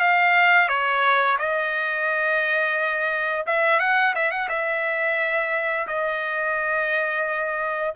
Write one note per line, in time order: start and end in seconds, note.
0.00 0.68 F5
0.68 1.37 C#5
1.39 3.45 D#5
3.46 3.80 E5
3.80 4.14 F#5
4.15 4.31 E5
4.31 4.48 F#5
4.49 5.87 E5
5.87 7.94 D#5